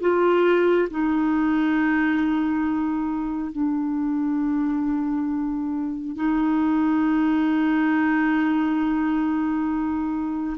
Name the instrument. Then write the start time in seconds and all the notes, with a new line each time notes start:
clarinet
0.00 F4
0.90 D#4
3.52 D4
6.16 D#4